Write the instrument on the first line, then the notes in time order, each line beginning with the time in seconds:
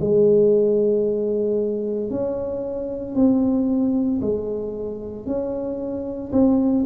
tuba
0.00 G#3
2.10 C#4
3.15 C4
4.21 G#3
5.26 C#4
6.32 C4